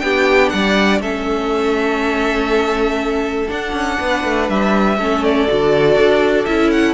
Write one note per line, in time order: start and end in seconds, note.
0.00 0.52 B3
0.00 1.03 D4
0.00 0.53 G4
0.00 0.49 G5
0.49 1.00 G3
0.49 1.02 D5
0.49 0.99 F#5
1.00 3.48 A3
1.00 3.49 C#4
1.00 3.99 A4
1.00 3.51 E5
3.49 4.98 D4
3.49 3.73 D4
3.49 4.50 F#5
3.73 3.98 C#4
3.99 4.24 B3
3.99 4.99 B4
4.24 4.49 A3
4.49 4.98 G3
4.49 5.24 E5
4.98 5.48 A3
4.98 5.48 C#4
4.98 6.94 A4
5.24 6.46 D5
5.48 5.97 D3
5.48 6.47 F#4
5.97 6.47 D4
6.46 6.94 C#4
6.46 6.94 E4
6.46 6.71 E5
6.71 6.94 F#5